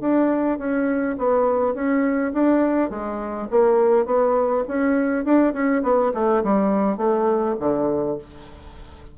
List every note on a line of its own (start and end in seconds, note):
0.00 0.58 D4
0.58 1.16 C#4
1.18 1.74 B3
1.74 2.32 C#4
2.33 2.90 D4
2.90 3.48 G#3
3.50 4.06 A#3
4.06 4.64 B3
4.68 5.25 C#4
5.25 5.53 D4
5.53 5.82 C#4
5.83 6.12 B3
6.14 6.43 A3
6.43 6.97 G3
6.97 7.55 A3
7.59 8.18 D3